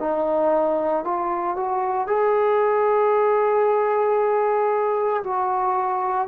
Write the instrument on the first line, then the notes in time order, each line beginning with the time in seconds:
trombone
0.00 D#4
1.05 F4
1.56 F#4
2.08 G#4
5.24 F#4